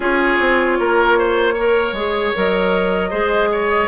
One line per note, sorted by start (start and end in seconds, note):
0.00 0.37 C#4
0.00 1.54 F4
0.00 0.78 G#4
0.00 2.35 C#5
0.39 0.78 C4
0.79 1.92 A#3
0.79 1.18 A#4
1.18 1.53 C5
1.53 1.96 A#4
1.53 3.09 C#5
1.92 2.31 G#3
1.92 2.34 G#4
2.34 3.12 F#3
2.34 3.11 A#4
2.34 3.88 D#5
3.09 3.88 G#3
3.09 3.88 G#4
3.09 3.48 C5
3.51 3.88 C#5